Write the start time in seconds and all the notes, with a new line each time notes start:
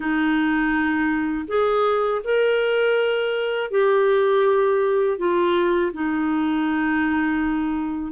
0.00 D#4
1.47 G#4
2.24 A#4
3.70 G4
5.18 F4
5.93 D#4